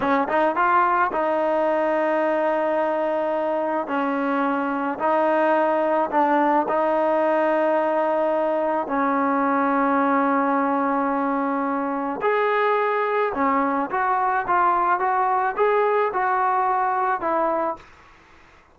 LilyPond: \new Staff \with { instrumentName = "trombone" } { \time 4/4 \tempo 4 = 108 cis'8 dis'8 f'4 dis'2~ | dis'2. cis'4~ | cis'4 dis'2 d'4 | dis'1 |
cis'1~ | cis'2 gis'2 | cis'4 fis'4 f'4 fis'4 | gis'4 fis'2 e'4 | }